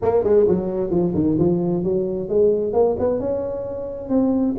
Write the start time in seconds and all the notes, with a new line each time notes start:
0.02 A#3
0.23 G#3
0.48 F#3
0.90 F3
1.14 D#3
1.38 F3
1.83 F#3
2.29 G#3
2.73 A#3
2.99 B3
3.19 C#4
4.09 C4